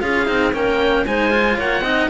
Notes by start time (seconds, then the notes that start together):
0.00 C#4 F4 G#4 F5
0.26 C4 D#4
0.53 A#3 C#4 A#4 G5
1.07 G#3 D#4 C5 G#5
1.30 F4
1.58 A#3 C#5 F#5
1.81 C4 D#4 D#5